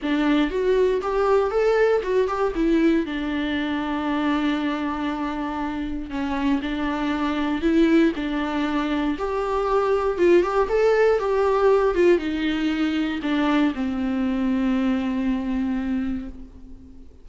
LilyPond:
\new Staff \with { instrumentName = "viola" } { \time 4/4 \tempo 4 = 118 d'4 fis'4 g'4 a'4 | fis'8 g'8 e'4 d'2~ | d'1 | cis'4 d'2 e'4 |
d'2 g'2 | f'8 g'8 a'4 g'4. f'8 | dis'2 d'4 c'4~ | c'1 | }